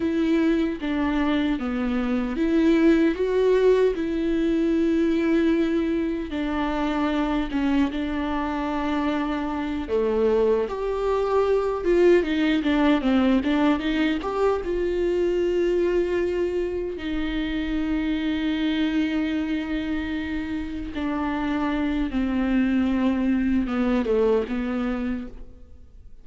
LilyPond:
\new Staff \with { instrumentName = "viola" } { \time 4/4 \tempo 4 = 76 e'4 d'4 b4 e'4 | fis'4 e'2. | d'4. cis'8 d'2~ | d'8 a4 g'4. f'8 dis'8 |
d'8 c'8 d'8 dis'8 g'8 f'4.~ | f'4. dis'2~ dis'8~ | dis'2~ dis'8 d'4. | c'2 b8 a8 b4 | }